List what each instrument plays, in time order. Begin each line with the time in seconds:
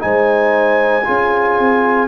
0.00 tuba G#3, trombone D#4, horn C5, trumpet G#5
1.05 tuba C#4, trombone F4, horn G#4
1.59 tuba C4